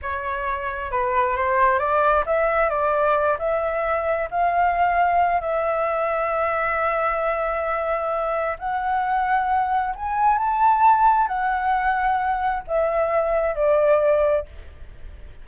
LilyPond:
\new Staff \with { instrumentName = "flute" } { \time 4/4 \tempo 4 = 133 cis''2 b'4 c''4 | d''4 e''4 d''4. e''8~ | e''4. f''2~ f''8 | e''1~ |
e''2. fis''4~ | fis''2 gis''4 a''4~ | a''4 fis''2. | e''2 d''2 | }